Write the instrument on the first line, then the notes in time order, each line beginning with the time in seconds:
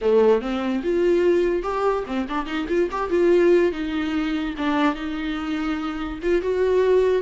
viola
0.01 A3
0.41 C4
0.83 F4
1.63 G4
2.06 C4
2.29 D4
2.45 D#4
2.68 F4
2.91 G4
3.09 F4
3.72 D#4
4.57 D4
4.94 D#4
6.22 F4
6.41 F#4